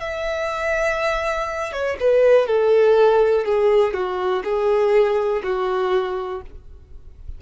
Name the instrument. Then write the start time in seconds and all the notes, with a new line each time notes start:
violin
0.00 E5
1.72 C#5
2.00 B4
2.47 A4
3.45 G#4
3.93 F#4
4.44 G#4
5.43 F#4